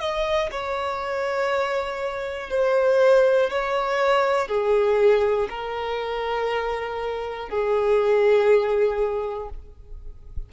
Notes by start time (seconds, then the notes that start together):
0.00 D#5
0.51 C#5
2.50 C5
3.50 C#5
4.47 G#4
5.49 A#4
7.49 G#4